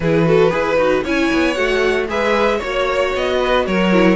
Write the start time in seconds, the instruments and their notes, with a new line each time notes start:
0.00 cello E3, viola E4, violin G#4 B4
0.25 viola F#4, violin A4
0.50 cello E4, viola G#4, violin B4
0.76 cello D#4, viola F#4
1.03 cello C#4, viola E4, violin C#5 G#5
1.32 cello B3
1.54 cello A3, viola F#4, violin F#5
2.08 cello G#3, viola G#4, violin B4 E5
2.57 cello A#3, viola F#4, violin C#5
3.15 cello B3, violin D#5
3.39 violin B4
3.66 cello F#3, violin A#4 C#5
3.92 viola E4